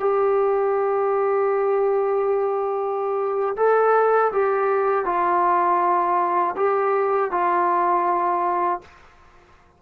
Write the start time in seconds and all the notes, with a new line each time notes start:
0.00 G4
3.57 A4
4.33 G4
5.06 F4
6.57 G4
7.31 F4